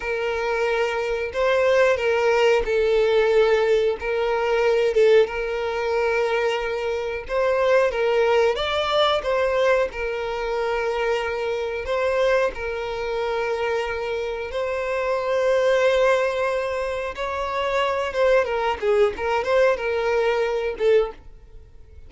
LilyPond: \new Staff \with { instrumentName = "violin" } { \time 4/4 \tempo 4 = 91 ais'2 c''4 ais'4 | a'2 ais'4. a'8 | ais'2. c''4 | ais'4 d''4 c''4 ais'4~ |
ais'2 c''4 ais'4~ | ais'2 c''2~ | c''2 cis''4. c''8 | ais'8 gis'8 ais'8 c''8 ais'4. a'8 | }